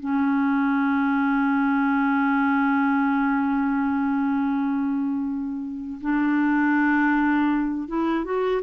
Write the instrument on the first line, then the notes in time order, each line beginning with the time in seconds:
clarinet
0.00 C#4
6.01 D4
7.88 E4
8.25 F#4